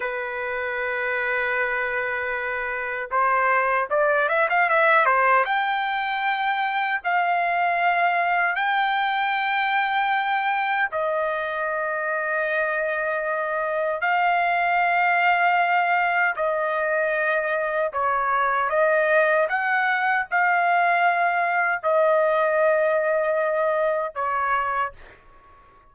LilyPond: \new Staff \with { instrumentName = "trumpet" } { \time 4/4 \tempo 4 = 77 b'1 | c''4 d''8 e''16 f''16 e''8 c''8 g''4~ | g''4 f''2 g''4~ | g''2 dis''2~ |
dis''2 f''2~ | f''4 dis''2 cis''4 | dis''4 fis''4 f''2 | dis''2. cis''4 | }